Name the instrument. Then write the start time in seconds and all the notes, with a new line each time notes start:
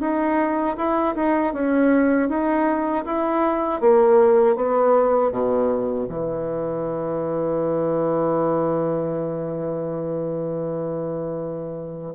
bassoon
0.00 D#4
0.77 E4
1.15 D#4
1.53 C#4
2.29 D#4
3.05 E4
3.80 A#3
4.56 B3
5.31 B2
6.08 E3